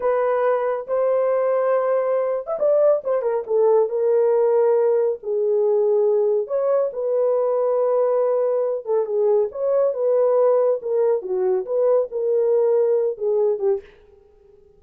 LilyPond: \new Staff \with { instrumentName = "horn" } { \time 4/4 \tempo 4 = 139 b'2 c''2~ | c''4.~ c''16 e''16 d''4 c''8 ais'8 | a'4 ais'2. | gis'2. cis''4 |
b'1~ | b'8 a'8 gis'4 cis''4 b'4~ | b'4 ais'4 fis'4 b'4 | ais'2~ ais'8 gis'4 g'8 | }